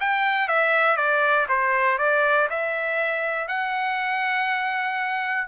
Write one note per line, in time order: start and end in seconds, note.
0.00 0.48 G5
0.48 0.96 E5
0.96 1.46 D5
1.48 1.98 C5
1.98 2.48 D5
2.50 3.47 E5
3.47 5.47 F#5